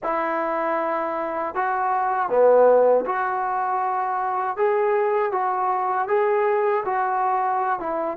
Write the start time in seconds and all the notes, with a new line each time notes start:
0.03 E4
1.55 F#4
2.29 B3
3.05 F#4
4.56 G#4
5.32 F#4
6.08 G#4
6.85 F#4
7.79 E4